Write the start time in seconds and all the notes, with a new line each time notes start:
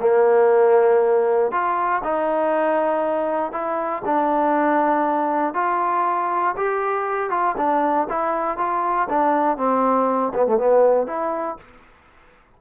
0.00 A#3
1.51 F4
2.03 D#4
3.52 E4
4.05 D4
5.54 F4
6.57 G4
7.30 F4
7.57 D4
8.09 E4
8.58 F4
9.09 D4
9.57 C4
10.34 B3
10.46 A3
10.57 B3
11.07 E4